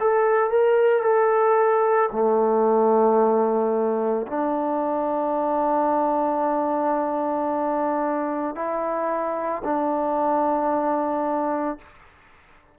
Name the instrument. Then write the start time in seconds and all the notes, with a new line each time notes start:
trombone
0.00 A4
0.50 A#4
1.03 A4
2.12 A3
4.27 D4
8.56 E4
9.64 D4